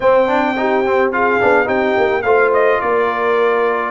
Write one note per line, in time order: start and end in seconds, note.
0.00 1.39 C4
0.00 0.27 C4
0.00 0.57 C5
0.00 1.11 G5
0.27 0.55 D4
0.56 0.84 D#4
0.56 1.13 G4
0.86 1.12 C4
1.11 1.40 F4
1.11 1.66 G#4
1.11 1.68 F5
1.40 1.67 B3
1.40 1.65 D4
1.65 1.95 C4
1.65 2.21 D#4
1.65 2.22 G4
1.65 2.22 G5
1.97 2.23 A#3
2.22 2.79 A3
2.22 3.90 F4
2.22 2.80 C5
2.22 2.50 F5
2.53 2.80 D#5
2.80 3.90 A#3
2.80 3.90 A#4
2.80 3.90 D5